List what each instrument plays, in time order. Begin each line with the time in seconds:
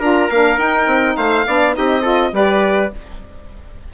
0.00 bassoon D4, saxophone F4, trumpet A#4, violin A#5
0.30 bassoon A#3, saxophone D4, violin F5
0.57 bassoon D#4, saxophone D#4, violin G5
0.86 bassoon C4
1.17 bassoon A3, trumpet C5, violin F5
1.46 bassoon B3, saxophone D4, trumpet D5
1.74 bassoon C4, saxophone D#4, trumpet G4, violin D#5
2.02 saxophone F4, trumpet A4
2.33 bassoon G3, saxophone G4, trumpet B4, violin D5